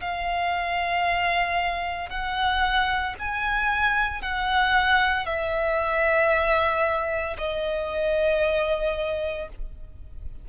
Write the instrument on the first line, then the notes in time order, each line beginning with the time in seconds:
violin
0.00 F5
2.09 F#5
3.19 G#5
4.21 F#5
5.25 E5
7.37 D#5